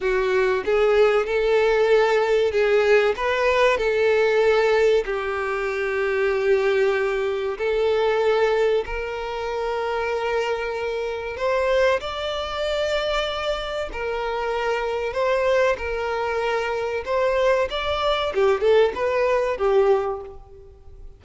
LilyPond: \new Staff \with { instrumentName = "violin" } { \time 4/4 \tempo 4 = 95 fis'4 gis'4 a'2 | gis'4 b'4 a'2 | g'1 | a'2 ais'2~ |
ais'2 c''4 d''4~ | d''2 ais'2 | c''4 ais'2 c''4 | d''4 g'8 a'8 b'4 g'4 | }